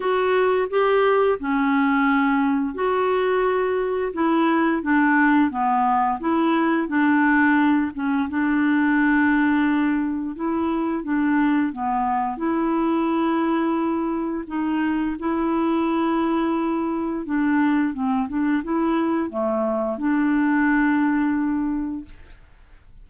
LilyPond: \new Staff \with { instrumentName = "clarinet" } { \time 4/4 \tempo 4 = 87 fis'4 g'4 cis'2 | fis'2 e'4 d'4 | b4 e'4 d'4. cis'8 | d'2. e'4 |
d'4 b4 e'2~ | e'4 dis'4 e'2~ | e'4 d'4 c'8 d'8 e'4 | a4 d'2. | }